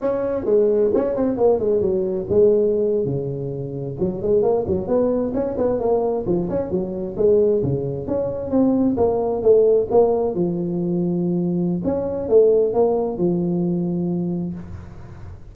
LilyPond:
\new Staff \with { instrumentName = "tuba" } { \time 4/4 \tempo 4 = 132 cis'4 gis4 cis'8 c'8 ais8 gis8 | fis4 gis4.~ gis16 cis4~ cis16~ | cis8. fis8 gis8 ais8 fis8 b4 cis'16~ | cis'16 b8 ais4 f8 cis'8 fis4 gis16~ |
gis8. cis4 cis'4 c'4 ais16~ | ais8. a4 ais4 f4~ f16~ | f2 cis'4 a4 | ais4 f2. | }